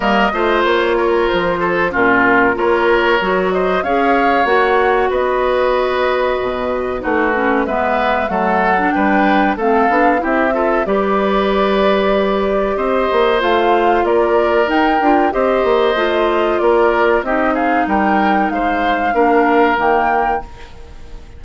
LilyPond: <<
  \new Staff \with { instrumentName = "flute" } { \time 4/4 \tempo 4 = 94 dis''4 cis''4 c''4 ais'4 | cis''4. dis''8 f''4 fis''4 | dis''2. b'4 | e''4 fis''4 g''4 f''4 |
e''4 d''2. | dis''4 f''4 d''4 g''4 | dis''2 d''4 dis''8 f''8 | g''4 f''2 g''4 | }
  \new Staff \with { instrumentName = "oboe" } { \time 4/4 ais'8 c''4 ais'4 a'8 f'4 | ais'4. c''8 cis''2 | b'2. fis'4 | b'4 a'4 b'4 a'4 |
g'8 a'8 b'2. | c''2 ais'2 | c''2 ais'4 g'8 gis'8 | ais'4 c''4 ais'2 | }
  \new Staff \with { instrumentName = "clarinet" } { \time 4/4 ais8 f'2~ f'8 cis'4 | f'4 fis'4 gis'4 fis'4~ | fis'2. dis'8 cis'8 | b4 a8. d'4~ d'16 c'8 d'8 |
e'8 f'8 g'2.~ | g'4 f'2 dis'8 f'8 | g'4 f'2 dis'4~ | dis'2 d'4 ais4 | }
  \new Staff \with { instrumentName = "bassoon" } { \time 4/4 g8 a8 ais4 f4 ais,4 | ais4 fis4 cis'4 ais4 | b2 b,4 a4 | gis4 fis4 g4 a8 b8 |
c'4 g2. | c'8 ais8 a4 ais4 dis'8 d'8 | c'8 ais8 a4 ais4 c'4 | g4 gis4 ais4 dis4 | }
>>